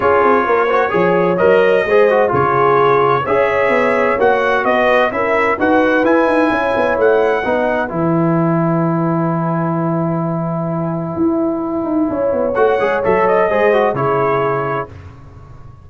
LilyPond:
<<
  \new Staff \with { instrumentName = "trumpet" } { \time 4/4 \tempo 4 = 129 cis''2. dis''4~ | dis''4 cis''2 e''4~ | e''4 fis''4 dis''4 e''4 | fis''4 gis''2 fis''4~ |
fis''4 gis''2.~ | gis''1~ | gis''2. fis''4 | e''8 dis''4. cis''2 | }
  \new Staff \with { instrumentName = "horn" } { \time 4/4 gis'4 ais'8 c''8 cis''2 | c''4 gis'2 cis''4~ | cis''2 b'4 ais'4 | b'2 cis''2 |
b'1~ | b'1~ | b'2 cis''2~ | cis''4 c''4 gis'2 | }
  \new Staff \with { instrumentName = "trombone" } { \time 4/4 f'4. fis'8 gis'4 ais'4 | gis'8 fis'8 f'2 gis'4~ | gis'4 fis'2 e'4 | fis'4 e'2. |
dis'4 e'2.~ | e'1~ | e'2. fis'8 gis'8 | a'4 gis'8 fis'8 e'2 | }
  \new Staff \with { instrumentName = "tuba" } { \time 4/4 cis'8 c'8 ais4 f4 fis4 | gis4 cis2 cis'4 | b4 ais4 b4 cis'4 | dis'4 e'8 dis'8 cis'8 b8 a4 |
b4 e2.~ | e1 | e'4. dis'8 cis'8 b8 a8 gis8 | fis4 gis4 cis2 | }
>>